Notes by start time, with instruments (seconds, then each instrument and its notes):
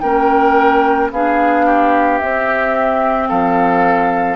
0.00 bassoon A#3, clarinet C#4, oboe A#4, flute G5
1.12 bassoon B3, clarinet D4, oboe G#4, flute F5
1.66 oboe G4
2.19 clarinet C4, bassoon C4, flute E5
3.29 bassoon F3, oboe A4, flute F5